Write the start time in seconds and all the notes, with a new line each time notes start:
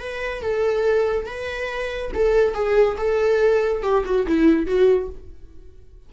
0.00 B4
0.43 A4
1.27 B4
2.15 A4
2.55 G#4
2.98 A4
3.83 G4
4.06 F#4
4.27 E4
4.67 F#4